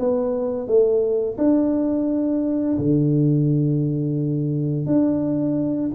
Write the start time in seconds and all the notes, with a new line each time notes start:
0.00 B3
0.68 A3
1.39 D4
2.79 D3
4.87 D4